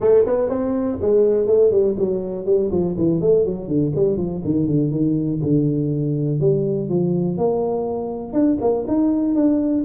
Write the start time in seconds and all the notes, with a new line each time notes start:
0.00 A3
0.25 B3
0.49 C4
1.01 G#3
1.46 A3
1.71 G3
1.98 F#3
2.45 G3
2.71 F3
2.97 E3
3.21 A3
3.45 F#3
3.67 D3
3.95 G3
4.17 F3
4.44 D#3
4.66 D3
4.91 D#3
5.42 D3
6.40 G3
6.89 F3
7.37 A#3
8.32 D4
8.61 A#3
8.87 D#4
9.35 D4